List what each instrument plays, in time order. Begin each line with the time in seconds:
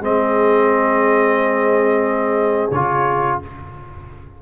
0.00 tuba G#3, trombone C4, horn G#4, trumpet D#5
2.71 tuba C#3, trombone F4, trumpet C#5